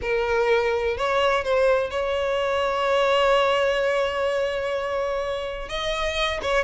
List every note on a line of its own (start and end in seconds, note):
0.01 0.97 A#4
0.97 1.44 C#5
1.44 1.90 C5
1.90 5.68 C#5
5.68 6.40 D#5
6.42 6.64 C#5